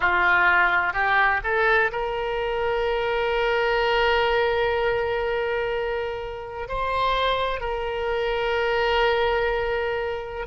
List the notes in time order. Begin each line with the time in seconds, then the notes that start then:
0.00 F4
0.93 G4
1.43 A4
1.92 A#4
6.68 C5
7.60 A#4